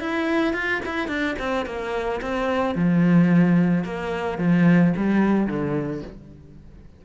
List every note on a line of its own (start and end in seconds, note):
0.00 0.53 E4
0.53 0.81 F4
0.85 1.08 E4
1.08 1.35 D4
1.39 1.65 C4
1.65 2.20 A#3
2.21 2.75 C4
2.75 3.84 F3
3.84 4.38 A#3
4.38 4.93 F3
4.96 5.47 G3
5.47 6.02 D3